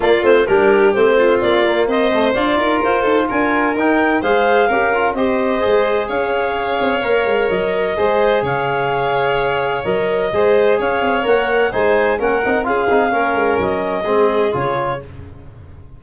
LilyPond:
<<
  \new Staff \with { instrumentName = "clarinet" } { \time 4/4 \tempo 4 = 128 d''8 c''8 ais'4 c''4 d''4 | dis''4 d''4 c''4 gis''4 | g''4 f''2 dis''4~ | dis''4 f''2. |
dis''2 f''2~ | f''4 dis''2 f''4 | fis''4 gis''4 fis''4 f''4~ | f''4 dis''2 cis''4 | }
  \new Staff \with { instrumentName = "violin" } { \time 4/4 f'4 g'4. f'4. | c''4. ais'4 a'8 ais'4~ | ais'4 c''4 ais'4 c''4~ | c''4 cis''2.~ |
cis''4 c''4 cis''2~ | cis''2 c''4 cis''4~ | cis''4 c''4 ais'4 gis'4 | ais'2 gis'2 | }
  \new Staff \with { instrumentName = "trombone" } { \time 4/4 ais8 c'8 d'4 c'4. ais8~ | ais8 a8 f'2. | dis'4 gis'4 g'8 f'8 g'4 | gis'2. ais'4~ |
ais'4 gis'2.~ | gis'4 ais'4 gis'2 | ais'4 dis'4 cis'8 dis'8 f'8 dis'8 | cis'2 c'4 f'4 | }
  \new Staff \with { instrumentName = "tuba" } { \time 4/4 ais8 a8 g4 a4 ais4 | c'4 d'8 dis'8 f'8 dis'8 d'4 | dis'4 gis4 cis'4 c'4 | gis4 cis'4. c'8 ais8 gis8 |
fis4 gis4 cis2~ | cis4 fis4 gis4 cis'8 c'8 | ais4 gis4 ais8 c'8 cis'8 c'8 | ais8 gis8 fis4 gis4 cis4 | }
>>